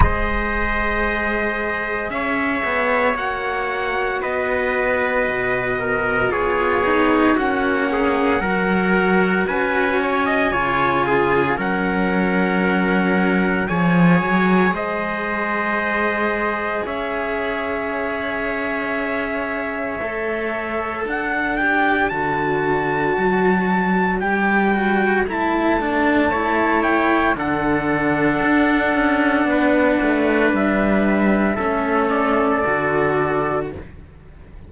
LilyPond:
<<
  \new Staff \with { instrumentName = "trumpet" } { \time 4/4 \tempo 4 = 57 dis''2 e''4 fis''4 | dis''2 cis''4 fis''4~ | fis''4 gis''2 fis''4~ | fis''4 gis''4 dis''2 |
e''1 | fis''8 g''8 a''2 g''4 | a''4. g''8 fis''2~ | fis''4 e''4. d''4. | }
  \new Staff \with { instrumentName = "trumpet" } { \time 4/4 c''2 cis''2 | b'4. ais'8 gis'4 fis'8 gis'8 | ais'4 b'8 cis''16 dis''16 cis''8 gis'8 ais'4~ | ais'4 cis''4 c''2 |
cis''1 | d''1~ | d''4 cis''4 a'2 | b'2 a'2 | }
  \new Staff \with { instrumentName = "cello" } { \time 4/4 gis'2. fis'4~ | fis'2 f'8 dis'8 cis'4 | fis'2 f'4 cis'4~ | cis'4 gis'2.~ |
gis'2. a'4~ | a'8 g'8 fis'2 g'8 fis'8 | e'8 d'8 e'4 d'2~ | d'2 cis'4 fis'4 | }
  \new Staff \with { instrumentName = "cello" } { \time 4/4 gis2 cis'8 b8 ais4 | b4 b,4 b4 ais4 | fis4 cis'4 cis4 fis4~ | fis4 f8 fis8 gis2 |
cis'2. a4 | d'4 d4 fis4 g4 | a2 d4 d'8 cis'8 | b8 a8 g4 a4 d4 | }
>>